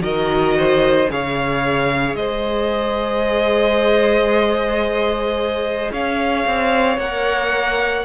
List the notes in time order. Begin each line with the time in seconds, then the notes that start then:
0.00 D#3 F#4 A#4 D#5
0.57 C5
1.08 C#3 G#4 C#5 F5
2.15 G#3 C5 D#5
5.92 C#4 C#5 F5
6.46 C4
6.97 A#3 A#4 F#5